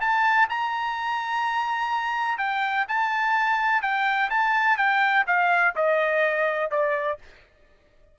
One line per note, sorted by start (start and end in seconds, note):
0.00 0.48 A5
0.49 2.38 A#5
2.38 2.85 G5
2.88 3.82 A5
3.82 4.29 G5
4.30 4.77 A5
4.77 5.24 G5
5.26 5.74 F5
5.75 6.70 D#5
6.70 7.18 D5